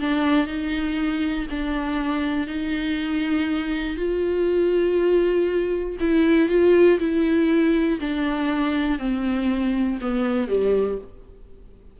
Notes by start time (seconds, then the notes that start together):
0.00 D4
0.47 D#4
1.50 D4
2.47 D#4
3.97 F4
6.00 E4
6.49 F4
6.99 E4
8.00 D4
8.99 C4
10.01 B3
10.48 G3